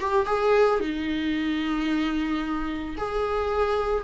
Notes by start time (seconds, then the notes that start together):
0.00 G4
0.26 G#4
0.80 D#4
2.97 G#4